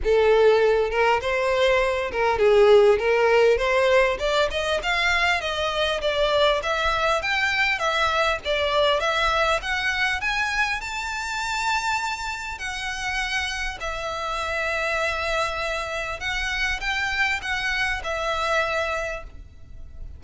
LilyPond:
\new Staff \with { instrumentName = "violin" } { \time 4/4 \tempo 4 = 100 a'4. ais'8 c''4. ais'8 | gis'4 ais'4 c''4 d''8 dis''8 | f''4 dis''4 d''4 e''4 | g''4 e''4 d''4 e''4 |
fis''4 gis''4 a''2~ | a''4 fis''2 e''4~ | e''2. fis''4 | g''4 fis''4 e''2 | }